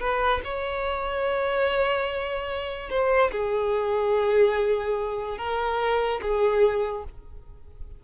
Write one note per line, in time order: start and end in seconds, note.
0.00 0.41 B4
0.44 2.90 C#5
2.90 3.31 C5
3.32 5.38 G#4
5.38 6.21 A#4
6.22 7.05 G#4